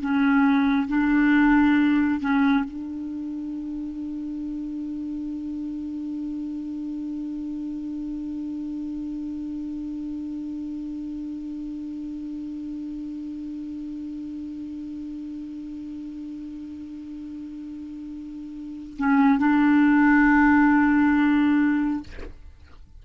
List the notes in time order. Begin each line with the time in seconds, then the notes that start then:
0.00 C#4
0.88 D4
2.20 C#4
2.64 D4
18.98 C#4
19.38 D4